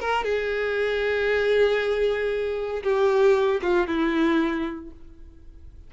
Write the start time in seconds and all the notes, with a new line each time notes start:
0.00 A#4
0.24 G#4
2.83 G4
3.62 F4
3.87 E4